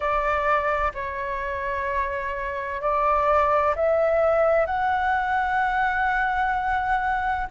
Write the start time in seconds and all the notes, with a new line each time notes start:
0.00 D5
0.94 C#5
2.81 D5
3.75 E5
4.66 F#5